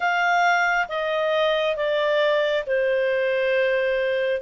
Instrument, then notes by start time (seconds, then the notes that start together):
clarinet
0.00 F5
0.88 D#5
1.76 D5
2.66 C5